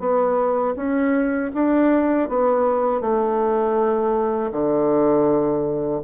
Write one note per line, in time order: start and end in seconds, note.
0.00 0.75 B3
0.76 1.51 C#4
1.54 2.29 D4
2.29 3.01 B3
3.01 4.51 A3
4.52 6.02 D3